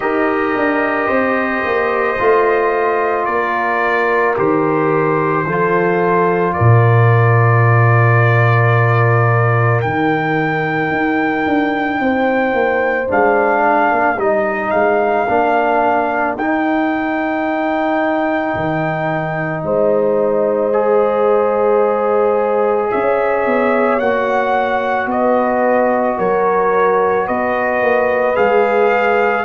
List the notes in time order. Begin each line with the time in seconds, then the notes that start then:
0.00 D#4 G4 A#4 D#5
0.56 D4
1.06 C4 C5
1.64 A#3
2.18 A3 F4
3.25 A#3 A#4 D5
4.36 D#3 G4 C5
5.45 F3 F4 A4
6.53 A#4 D5
6.59 A#2
9.81 D#3 D#4 G5
10.91 D#4
11.46 D4
11.99 C4 C5
12.53 A#3
13.07 G#3 D4 F5
13.65 A#4
13.91 A#3
14.17 G3 D#4 D#5
14.70 G#3 F5
15.28 A#3 D4
16.36 D#4 G5
18.55 D#3
19.63 G#3 C5 D#5
20.72 G#4
22.90 C#4 C#5 E5
23.46 B3
23.99 A#3 F#4 F#5
25.06 B3 B4 D#5
26.17 F#3 A#4 C#5
27.26 B3 B4 D#5
27.81 A#3
28.35 G#3 G#4 F5